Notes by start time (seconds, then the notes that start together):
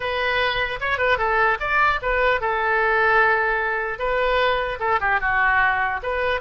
0.00 B4
0.80 C#5
0.98 B4
1.18 A4
1.60 D5
2.02 B4
2.40 A4
3.98 B4
4.79 A4
5.00 G4
5.20 F#4
6.03 B4